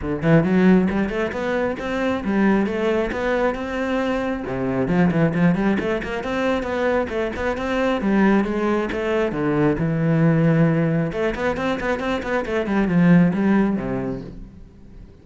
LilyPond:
\new Staff \with { instrumentName = "cello" } { \time 4/4 \tempo 4 = 135 d8 e8 fis4 g8 a8 b4 | c'4 g4 a4 b4 | c'2 c4 f8 e8 | f8 g8 a8 ais8 c'4 b4 |
a8 b8 c'4 g4 gis4 | a4 d4 e2~ | e4 a8 b8 c'8 b8 c'8 b8 | a8 g8 f4 g4 c4 | }